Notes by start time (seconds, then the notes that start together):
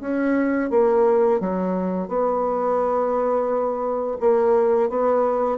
0.00 C#4
0.70 A#3
1.40 F#3
2.08 B3
4.20 A#3
4.89 B3